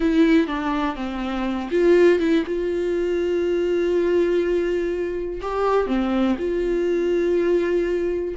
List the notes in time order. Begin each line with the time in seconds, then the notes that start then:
0.00 E4
0.47 D4
0.95 C4
1.71 F4
2.19 E4
2.45 F4
5.41 G4
5.87 C4
6.38 F4